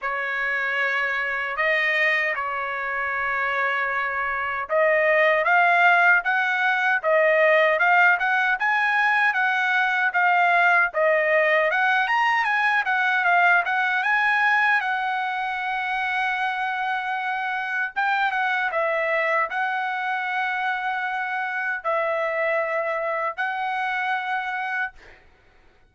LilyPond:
\new Staff \with { instrumentName = "trumpet" } { \time 4/4 \tempo 4 = 77 cis''2 dis''4 cis''4~ | cis''2 dis''4 f''4 | fis''4 dis''4 f''8 fis''8 gis''4 | fis''4 f''4 dis''4 fis''8 ais''8 |
gis''8 fis''8 f''8 fis''8 gis''4 fis''4~ | fis''2. g''8 fis''8 | e''4 fis''2. | e''2 fis''2 | }